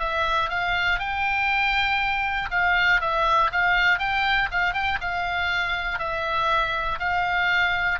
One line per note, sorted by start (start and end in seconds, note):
0.00 0.50 E5
0.50 1.00 F5
1.00 2.50 G5
2.51 3.01 F5
3.01 3.51 E5
3.53 4.00 F5
4.00 4.50 G5
4.52 4.74 F5
4.74 4.99 G5
5.01 6.00 F5
6.00 7.00 E5
7.00 8.00 F5